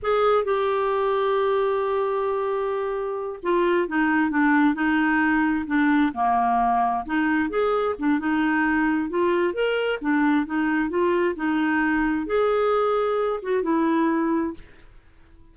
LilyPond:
\new Staff \with { instrumentName = "clarinet" } { \time 4/4 \tempo 4 = 132 gis'4 g'2.~ | g'2.~ g'8 f'8~ | f'8 dis'4 d'4 dis'4.~ | dis'8 d'4 ais2 dis'8~ |
dis'8 gis'4 d'8 dis'2 | f'4 ais'4 d'4 dis'4 | f'4 dis'2 gis'4~ | gis'4. fis'8 e'2 | }